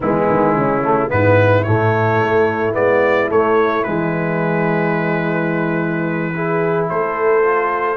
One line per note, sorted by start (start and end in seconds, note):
0.00 0.27 E3
0.00 0.83 G#3
0.00 0.53 B3
0.00 1.10 E4
0.29 0.56 D#3
0.53 1.11 C#3
0.53 1.08 C#4
0.83 1.08 A3
1.08 1.66 G#2
1.08 1.63 B3
1.08 6.33 E4
1.08 1.63 B4
1.63 2.19 A2
1.63 2.72 A3
1.63 2.73 C#5
2.19 2.74 A3
2.72 3.30 G#3
2.72 3.28 B3
2.72 3.29 D5
3.28 3.83 A3
3.28 3.85 A3
3.28 3.83 C#5
3.83 6.89 E3
3.83 6.33 G#3
3.83 6.86 B4
6.35 7.43 E4
6.35 6.89 G#4
6.89 7.96 A3
6.89 7.96 A4
6.89 7.96 C5
7.43 7.96 F4